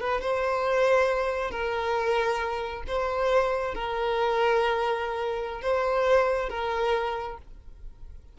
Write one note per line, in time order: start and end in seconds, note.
0.00 0.21 B4
0.21 1.51 C5
1.51 2.83 A#4
2.87 3.74 C5
3.74 5.61 A#4
5.61 6.49 C5
6.49 7.37 A#4